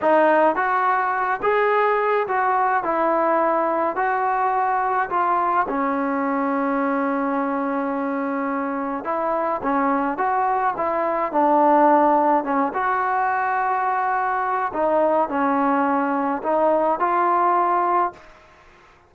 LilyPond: \new Staff \with { instrumentName = "trombone" } { \time 4/4 \tempo 4 = 106 dis'4 fis'4. gis'4. | fis'4 e'2 fis'4~ | fis'4 f'4 cis'2~ | cis'1 |
e'4 cis'4 fis'4 e'4 | d'2 cis'8 fis'4.~ | fis'2 dis'4 cis'4~ | cis'4 dis'4 f'2 | }